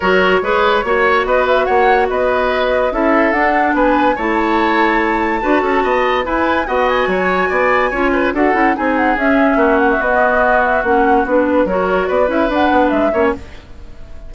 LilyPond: <<
  \new Staff \with { instrumentName = "flute" } { \time 4/4 \tempo 4 = 144 cis''2. dis''8 e''8 | fis''4 dis''2 e''4 | fis''4 gis''4 a''2~ | a''2. gis''4 |
fis''8 gis''2.~ gis''8 | fis''4 gis''8 fis''8 e''4. fis''16 e''16 | dis''4. e''8 fis''4 b'4 | cis''4 d''8 e''8 fis''4 e''4 | }
  \new Staff \with { instrumentName = "oboe" } { \time 4/4 ais'4 b'4 cis''4 b'4 | cis''4 b'2 a'4~ | a'4 b'4 cis''2~ | cis''4 b'8 a'8 dis''4 b'4 |
dis''4 cis''4 d''4 cis''8 b'8 | a'4 gis'2 fis'4~ | fis'1 | ais'4 b'2~ b'8 cis''8 | }
  \new Staff \with { instrumentName = "clarinet" } { \time 4/4 fis'4 gis'4 fis'2~ | fis'2. e'4 | d'2 e'2~ | e'4 fis'2 e'4 |
fis'2. f'4 | fis'8 e'8 dis'4 cis'2 | b2 cis'4 d'4 | fis'4. e'8 d'4. cis'8 | }
  \new Staff \with { instrumentName = "bassoon" } { \time 4/4 fis4 gis4 ais4 b4 | ais4 b2 cis'4 | d'4 b4 a2~ | a4 d'8 cis'8 b4 e'4 |
b4 fis4 b4 cis'4 | d'8 cis'8 c'4 cis'4 ais4 | b2 ais4 b4 | fis4 b8 cis'8 d'8 b8 gis8 ais8 | }
>>